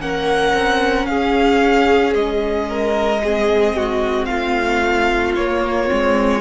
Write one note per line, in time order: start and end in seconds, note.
0.00 0.54 A#3
0.00 3.22 C#4
0.00 1.08 A#4
0.00 1.06 F#5
0.54 1.08 C4
1.06 2.15 C#4
1.06 2.69 G#4
1.06 2.14 F5
2.15 4.29 G#3
2.15 4.26 D#5
2.69 3.23 A#4
3.24 5.39 C4
3.24 3.77 G#4
3.77 4.29 F#4
4.26 5.37 A3
4.26 6.42 F4
4.26 5.33 F5
5.36 5.91 A#3
5.36 5.88 A#3
5.36 6.42 C#5
5.88 6.42 G#3
5.88 6.42 C4